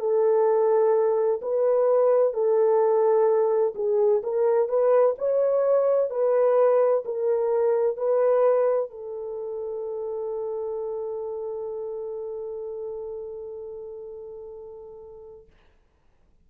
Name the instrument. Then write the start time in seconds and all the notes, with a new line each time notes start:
horn
0.00 A4
1.42 B4
2.33 A4
3.75 G#4
4.23 A#4
4.69 B4
5.18 C#5
6.10 B4
7.05 A#4
7.97 B4
8.90 A4